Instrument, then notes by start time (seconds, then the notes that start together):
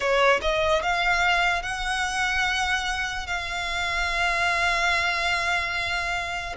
violin
0.00 C#5
0.41 D#5
0.82 F5
1.62 F#5
3.27 F5